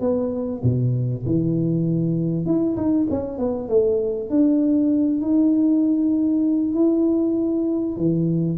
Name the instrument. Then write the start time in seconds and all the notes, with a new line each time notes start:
tuba
0.00 B3
0.63 B2
1.26 E3
2.46 E4
2.76 D#4
3.10 C#4
3.38 B3
3.68 A3
4.30 D4
5.21 D#4
6.74 E4
7.97 E3